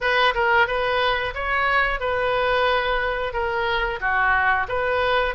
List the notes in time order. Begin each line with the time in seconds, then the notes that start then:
0.00 B4
0.34 A#4
0.67 B4
1.34 C#5
2.00 B4
3.33 A#4
4.00 F#4
4.68 B4